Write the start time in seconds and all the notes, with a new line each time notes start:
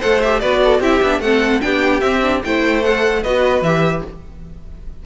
0.00 A3 A4 C5 F#5
0.22 G4 E5
0.40 B3 F#4 B4 D5
0.64 A4
0.80 C4 E4 G4 E5
1.02 B3 D4
1.19 A3 C4 A4 F#5
1.61 B3 D4 G4 G5
2.00 C4 E5
2.22 D4
2.44 A3 E4 C5 G5
2.83 A4 F#5
3.23 B3 F#4 B4 D#5
3.61 E3 G4 E5